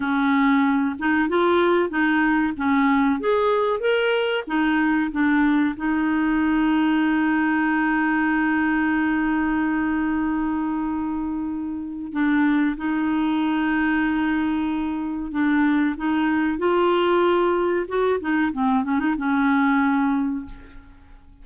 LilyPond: \new Staff \with { instrumentName = "clarinet" } { \time 4/4 \tempo 4 = 94 cis'4. dis'8 f'4 dis'4 | cis'4 gis'4 ais'4 dis'4 | d'4 dis'2.~ | dis'1~ |
dis'2. d'4 | dis'1 | d'4 dis'4 f'2 | fis'8 dis'8 c'8 cis'16 dis'16 cis'2 | }